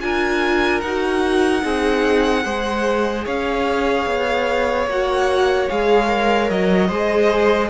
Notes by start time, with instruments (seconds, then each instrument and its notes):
0.00 cello D4, viola F4, violin A#4 G#5
0.81 cello D#4, viola F#4, violin F#5
1.61 cello C4, viola D#4, violin G#4
2.44 cello G#3, viola G#4, violin C5
3.25 cello C#4, violin C#5 F5
4.06 cello B3
4.86 cello A#3, viola F#4, violin F#5
5.69 cello G#3, viola G#4, violin F5
6.07 viola A#4
6.50 cello F#3, violin D#5
6.88 cello G#3, viola G#4, violin C5